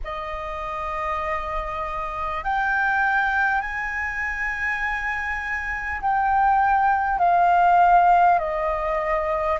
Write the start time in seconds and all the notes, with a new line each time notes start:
0.03 D#5
2.43 G5
3.61 G#5
6.01 G5
7.18 F5
8.38 D#5